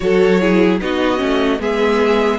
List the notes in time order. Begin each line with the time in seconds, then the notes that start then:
0.00 F#3 F#4 A4 C#5
0.40 E4 G#4
0.80 B3 D#4 F#4 D#5
1.17 A3 C#4
1.59 G#3 B3 G#4 E5